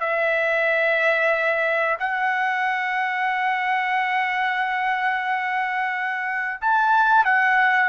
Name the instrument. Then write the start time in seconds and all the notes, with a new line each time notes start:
trumpet
0.00 E5
2.00 F#5
6.61 A5
7.25 F#5